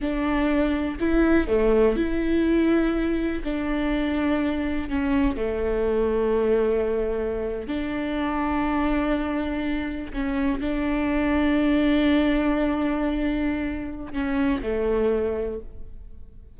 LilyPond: \new Staff \with { instrumentName = "viola" } { \time 4/4 \tempo 4 = 123 d'2 e'4 a4 | e'2. d'4~ | d'2 cis'4 a4~ | a2.~ a8. d'16~ |
d'1~ | d'8. cis'4 d'2~ d'16~ | d'1~ | d'4 cis'4 a2 | }